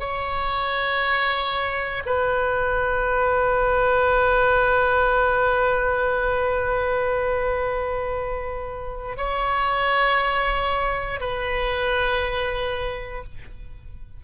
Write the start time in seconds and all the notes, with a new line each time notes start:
0.00 C#5
2.06 B4
9.17 C#5
11.20 B4